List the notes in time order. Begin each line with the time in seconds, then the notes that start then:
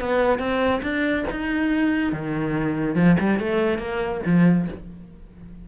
0.00 B3
0.39 C4
0.82 D4
1.31 D#4
2.12 D#3
2.95 F3
3.20 G3
3.39 A3
3.78 A#3
4.26 F3